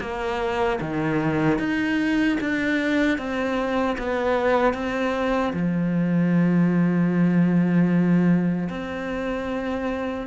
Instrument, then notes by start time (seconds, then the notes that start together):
cello
0.00 A#3
0.80 D#3
1.59 D#4
2.40 D4
3.18 C4
3.98 B3
4.73 C4
5.53 F3
8.69 C4